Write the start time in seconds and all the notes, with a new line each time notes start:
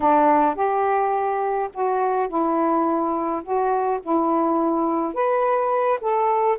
0.00 D4
0.55 G4
1.73 F#4
2.28 E4
3.43 F#4
4.02 E4
5.14 B4
6.01 A4